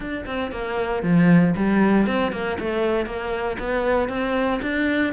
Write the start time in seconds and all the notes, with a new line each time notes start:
0.00 D4
0.25 C4
0.51 A#3
1.03 F3
1.55 G3
2.06 C4
2.32 A#3
2.59 A3
3.06 A#3
3.59 B3
4.09 C4
4.62 D4